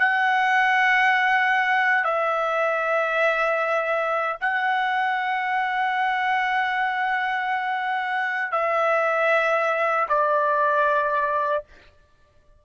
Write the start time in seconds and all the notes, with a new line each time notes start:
0.00 F#5
2.05 E5
4.41 F#5
8.52 E5
10.09 D5